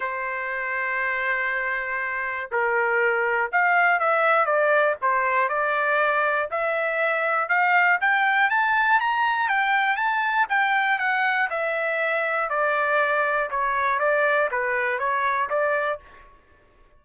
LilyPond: \new Staff \with { instrumentName = "trumpet" } { \time 4/4 \tempo 4 = 120 c''1~ | c''4 ais'2 f''4 | e''4 d''4 c''4 d''4~ | d''4 e''2 f''4 |
g''4 a''4 ais''4 g''4 | a''4 g''4 fis''4 e''4~ | e''4 d''2 cis''4 | d''4 b'4 cis''4 d''4 | }